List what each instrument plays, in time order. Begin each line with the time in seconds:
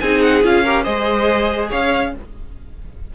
0.00 cello C4, viola D#4, violin G#4 G#5
0.21 violin F#5
0.43 cello C#4, viola F4, violin F5
0.64 viola G4, violin A#4
0.83 cello G#3, viola G#4, violin C5 D#5
1.70 cello C#4, violin C#5 F5